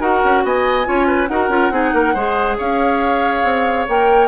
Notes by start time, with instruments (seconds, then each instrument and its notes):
0.00 bassoon D#4, clarinet F#4, oboe A#4, flute F#5
0.24 bassoon C#4
0.44 bassoon B3, oboe D#5, flute G#5
0.84 bassoon C#4, clarinet F4, oboe C#5
1.07 oboe B4
1.27 bassoon D#4, clarinet F#4, oboe A#4, flute F#5
1.49 bassoon C#4, clarinet F4
1.71 bassoon C4, clarinet D#4, oboe G#4
1.93 bassoon A#3, oboe A#4
2.14 bassoon G#3, clarinet G#4, oboe C5
2.58 bassoon C#4, oboe C#5, flute F5
3.43 bassoon C4
3.88 bassoon A#3, clarinet A#4, flute G5